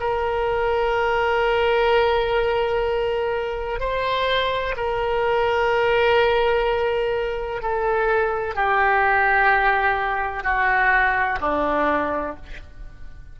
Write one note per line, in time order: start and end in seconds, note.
0.00 3.80 A#4
3.80 4.75 C5
4.77 7.62 A#4
7.62 8.55 A4
8.55 10.44 G4
10.44 11.39 F#4
11.41 12.36 D4